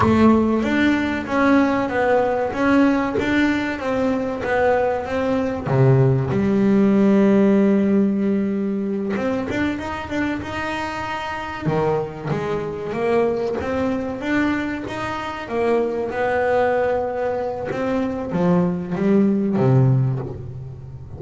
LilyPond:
\new Staff \with { instrumentName = "double bass" } { \time 4/4 \tempo 4 = 95 a4 d'4 cis'4 b4 | cis'4 d'4 c'4 b4 | c'4 c4 g2~ | g2~ g8 c'8 d'8 dis'8 |
d'8 dis'2 dis4 gis8~ | gis8 ais4 c'4 d'4 dis'8~ | dis'8 ais4 b2~ b8 | c'4 f4 g4 c4 | }